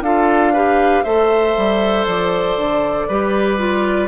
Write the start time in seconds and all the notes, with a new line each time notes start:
0.00 D4 F4 A4 F5
0.52 G4 B4
1.03 A3 A4 C5 E5
1.56 G3
2.06 F3 D5
2.57 D3
3.08 G3 G4 B4
3.57 F4